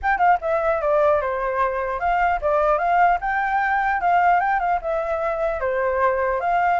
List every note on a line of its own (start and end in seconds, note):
0.02 0.18 G5
0.18 0.38 F5
0.41 0.81 E5
0.81 1.21 D5
1.21 1.99 C5
1.99 2.39 F5
2.41 2.78 D5
2.78 3.18 F5
3.21 4.01 G5
4.01 4.40 F5
4.40 4.59 G5
4.59 4.79 F5
4.81 5.60 E5
5.60 6.40 C5
6.40 6.79 F5